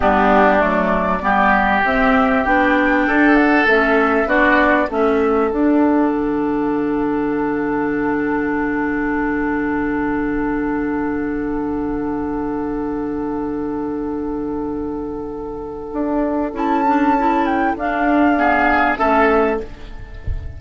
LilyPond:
<<
  \new Staff \with { instrumentName = "flute" } { \time 4/4 \tempo 4 = 98 g'4 d''2 e''4 | g''4. fis''8 e''4 d''4 | e''4 fis''2.~ | fis''1~ |
fis''1~ | fis''1~ | fis''2. a''4~ | a''8 g''8 f''2 e''4 | }
  \new Staff \with { instrumentName = "oboe" } { \time 4/4 d'2 g'2~ | g'4 a'2 fis'4 | a'1~ | a'1~ |
a'1~ | a'1~ | a'1~ | a'2 gis'4 a'4 | }
  \new Staff \with { instrumentName = "clarinet" } { \time 4/4 b4 a4 b4 c'4 | d'2 cis'4 d'4 | cis'4 d'2.~ | d'1~ |
d'1~ | d'1~ | d'2. e'8 d'8 | e'4 d'4 b4 cis'4 | }
  \new Staff \with { instrumentName = "bassoon" } { \time 4/4 g4 fis4 g4 c'4 | b4 d'4 a4 b4 | a4 d'4 d2~ | d1~ |
d1~ | d1~ | d2 d'4 cis'4~ | cis'4 d'2 a4 | }
>>